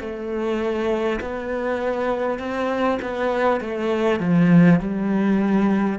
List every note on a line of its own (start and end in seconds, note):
0.00 1.20 A3
1.21 2.39 B3
2.39 2.99 C4
3.02 3.61 B3
3.61 4.20 A3
4.20 4.79 F3
4.79 5.99 G3